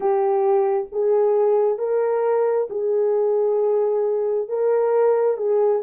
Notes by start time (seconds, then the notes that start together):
0.00 G4
0.92 G#4
1.78 A#4
2.69 G#4
4.48 A#4
5.37 G#4